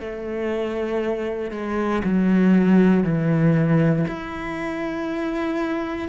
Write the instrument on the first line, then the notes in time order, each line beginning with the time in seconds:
cello
0.00 A3
1.52 G#3
2.05 F#3
3.04 E3
4.08 E4